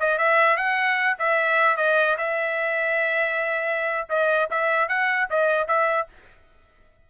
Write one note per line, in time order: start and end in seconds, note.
0.00 0.18 D#5
0.18 0.57 E5
0.57 1.17 F#5
1.19 1.77 E5
1.77 2.17 D#5
2.18 4.08 E5
4.09 4.49 D#5
4.50 4.89 E5
4.89 5.29 F#5
5.30 5.67 D#5
5.67 6.08 E5